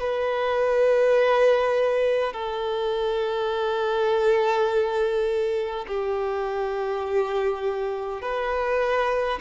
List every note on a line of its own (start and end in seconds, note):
0.00 2.33 B4
2.33 5.86 A4
5.88 8.21 G4
8.21 9.39 B4